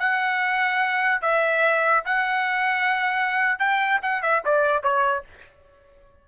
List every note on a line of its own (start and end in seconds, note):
0.00 1.22 F#5
1.22 2.05 E5
2.06 3.59 F#5
3.59 4.01 G5
4.03 4.22 F#5
4.22 4.43 E5
4.46 4.83 D5
4.83 5.25 C#5